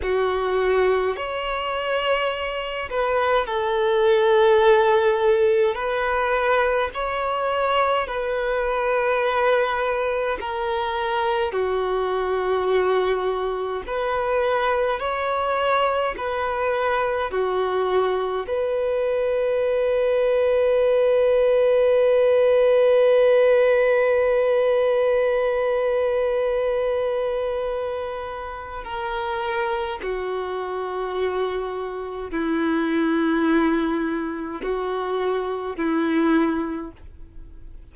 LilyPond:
\new Staff \with { instrumentName = "violin" } { \time 4/4 \tempo 4 = 52 fis'4 cis''4. b'8 a'4~ | a'4 b'4 cis''4 b'4~ | b'4 ais'4 fis'2 | b'4 cis''4 b'4 fis'4 |
b'1~ | b'1~ | b'4 ais'4 fis'2 | e'2 fis'4 e'4 | }